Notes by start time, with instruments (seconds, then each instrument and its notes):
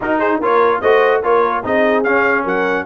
0.00 tuba D#4, trombone D#4, horn F#4, trumpet A#4
0.18 horn G#4, trumpet C5
0.39 tuba A#3, trombone F4, horn A#4, trumpet C#5
0.80 tuba A3, trombone F#4, horn C5, trumpet D#5
1.23 tuba A#3, trombone F4, horn A#4, trumpet C#5
1.63 tuba C4, trombone D#4, horn G#4, trumpet D#5
2.03 tuba C#4, trombone C#4, trumpet F5
2.43 tuba F#3, horn A#4, trumpet F#5